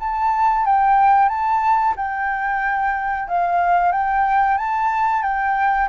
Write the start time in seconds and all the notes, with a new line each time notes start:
0.00 A5
0.66 G5
1.29 A5
1.97 G5
3.28 F5
3.92 G5
4.58 A5
5.23 G5